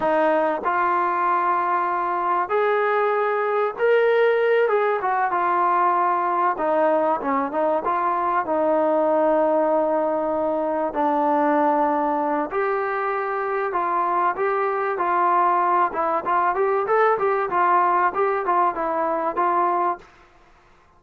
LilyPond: \new Staff \with { instrumentName = "trombone" } { \time 4/4 \tempo 4 = 96 dis'4 f'2. | gis'2 ais'4. gis'8 | fis'8 f'2 dis'4 cis'8 | dis'8 f'4 dis'2~ dis'8~ |
dis'4. d'2~ d'8 | g'2 f'4 g'4 | f'4. e'8 f'8 g'8 a'8 g'8 | f'4 g'8 f'8 e'4 f'4 | }